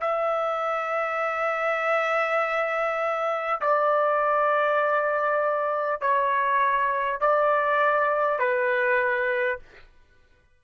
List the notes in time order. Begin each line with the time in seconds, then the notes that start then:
0.00 E5
3.61 D5
6.01 C#5
7.20 D5
8.39 B4